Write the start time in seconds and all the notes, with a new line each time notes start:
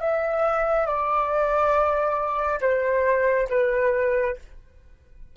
0.00 E5
0.86 D5
2.61 C5
3.49 B4